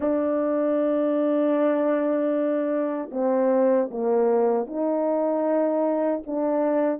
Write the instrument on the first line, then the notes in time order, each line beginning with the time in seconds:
horn
0.00 D4
3.11 C4
3.91 A#3
4.66 D#4
6.26 D4